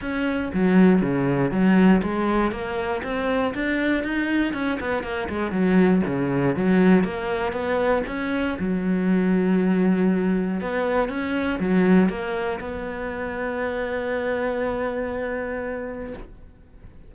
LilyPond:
\new Staff \with { instrumentName = "cello" } { \time 4/4 \tempo 4 = 119 cis'4 fis4 cis4 fis4 | gis4 ais4 c'4 d'4 | dis'4 cis'8 b8 ais8 gis8 fis4 | cis4 fis4 ais4 b4 |
cis'4 fis2.~ | fis4 b4 cis'4 fis4 | ais4 b2.~ | b1 | }